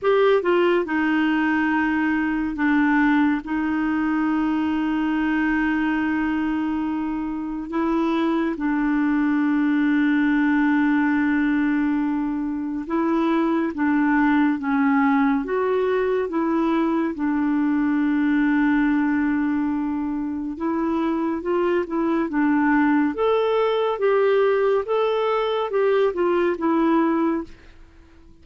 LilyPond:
\new Staff \with { instrumentName = "clarinet" } { \time 4/4 \tempo 4 = 70 g'8 f'8 dis'2 d'4 | dis'1~ | dis'4 e'4 d'2~ | d'2. e'4 |
d'4 cis'4 fis'4 e'4 | d'1 | e'4 f'8 e'8 d'4 a'4 | g'4 a'4 g'8 f'8 e'4 | }